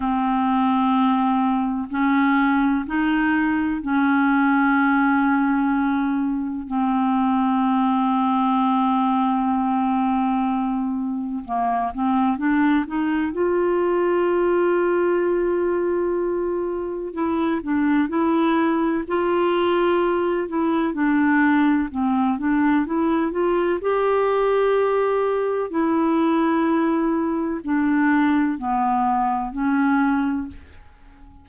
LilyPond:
\new Staff \with { instrumentName = "clarinet" } { \time 4/4 \tempo 4 = 63 c'2 cis'4 dis'4 | cis'2. c'4~ | c'1 | ais8 c'8 d'8 dis'8 f'2~ |
f'2 e'8 d'8 e'4 | f'4. e'8 d'4 c'8 d'8 | e'8 f'8 g'2 e'4~ | e'4 d'4 b4 cis'4 | }